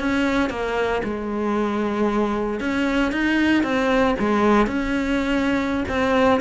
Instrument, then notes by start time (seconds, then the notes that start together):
cello
0.00 C#4
0.50 A#3
1.04 G#3
2.60 C#4
3.12 D#4
3.64 C4
4.20 G#3
4.67 C#4
5.89 C4